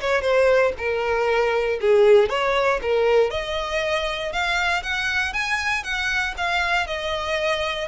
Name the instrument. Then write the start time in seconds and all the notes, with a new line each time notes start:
violin
0.00 C#5
0.21 C5
0.77 A#4
1.80 G#4
2.29 C#5
2.82 A#4
3.30 D#5
4.32 F5
4.82 F#5
5.33 G#5
5.83 F#5
6.37 F5
6.86 D#5